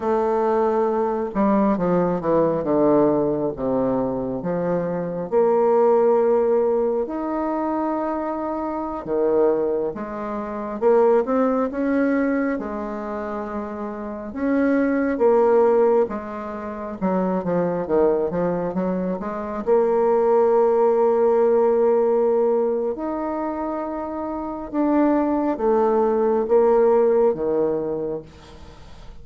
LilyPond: \new Staff \with { instrumentName = "bassoon" } { \time 4/4 \tempo 4 = 68 a4. g8 f8 e8 d4 | c4 f4 ais2 | dis'2~ dis'16 dis4 gis8.~ | gis16 ais8 c'8 cis'4 gis4.~ gis16~ |
gis16 cis'4 ais4 gis4 fis8 f16~ | f16 dis8 f8 fis8 gis8 ais4.~ ais16~ | ais2 dis'2 | d'4 a4 ais4 dis4 | }